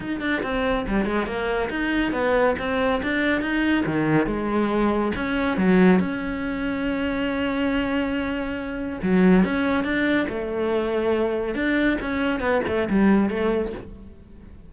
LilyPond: \new Staff \with { instrumentName = "cello" } { \time 4/4 \tempo 4 = 140 dis'8 d'8 c'4 g8 gis8 ais4 | dis'4 b4 c'4 d'4 | dis'4 dis4 gis2 | cis'4 fis4 cis'2~ |
cis'1~ | cis'4 fis4 cis'4 d'4 | a2. d'4 | cis'4 b8 a8 g4 a4 | }